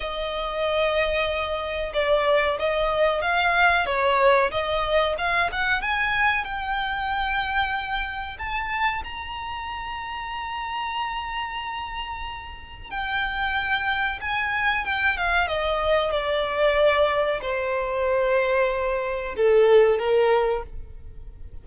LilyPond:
\new Staff \with { instrumentName = "violin" } { \time 4/4 \tempo 4 = 93 dis''2. d''4 | dis''4 f''4 cis''4 dis''4 | f''8 fis''8 gis''4 g''2~ | g''4 a''4 ais''2~ |
ais''1 | g''2 gis''4 g''8 f''8 | dis''4 d''2 c''4~ | c''2 a'4 ais'4 | }